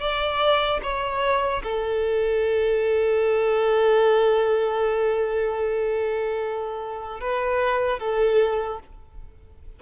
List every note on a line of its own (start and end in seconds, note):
0.00 0.80 D5
0.82 1.62 C#5
1.63 7.20 A4
7.20 7.99 B4
7.99 8.79 A4